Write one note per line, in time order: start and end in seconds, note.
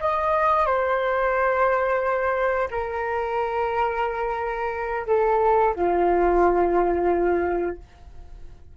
0.00 0.66 D#5
0.66 2.68 C5
2.71 5.07 A#4
5.07 5.75 A4
5.75 7.77 F4